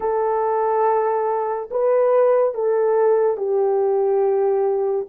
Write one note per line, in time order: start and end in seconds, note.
0.00 1.69 A4
1.70 2.54 B4
2.54 3.37 A4
3.37 5.06 G4